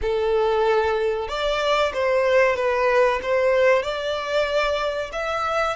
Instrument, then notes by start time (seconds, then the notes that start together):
violin
0.01 A4
1.28 D5
1.93 C5
2.56 B4
3.22 C5
3.82 D5
5.12 E5